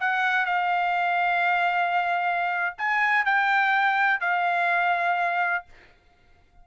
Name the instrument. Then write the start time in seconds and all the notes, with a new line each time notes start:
trumpet
0.00 F#5
0.46 F5
2.78 G#5
3.25 G5
4.20 F5